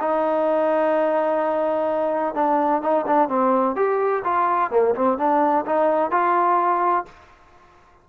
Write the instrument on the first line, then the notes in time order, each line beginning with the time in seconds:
trombone
0.00 D#4
2.35 D4
2.82 D#4
3.07 D4
3.29 C4
3.76 G4
4.24 F4
4.71 A#3
4.95 C4
5.18 D4
5.66 D#4
6.11 F4